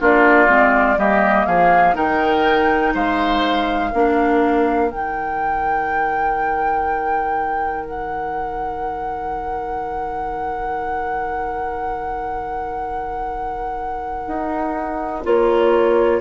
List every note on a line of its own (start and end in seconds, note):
0.00 0.48 A#3
0.00 0.47 D4
0.00 0.98 F4
0.00 0.99 D5
0.47 0.97 G#3
0.47 0.96 C4
0.97 1.46 G3
0.97 1.94 A#3
0.97 1.46 G4
0.97 1.46 D#5
1.46 1.95 F3
1.46 1.95 G#4
1.46 1.95 F5
1.94 2.93 D#3
1.94 3.90 D#4
1.94 2.93 A#4
1.94 2.94 G5
2.94 3.92 G#3
2.94 3.90 C5
2.94 4.91 F5
3.90 4.91 A#3
3.90 4.90 D4
3.90 16.20 A#4
4.90 14.26 D#3
4.90 15.23 D#4
4.90 7.85 G5
7.85 15.23 F#5
14.27 15.25 D#4
15.23 16.21 A#3
15.23 16.21 F4
15.23 16.21 C#5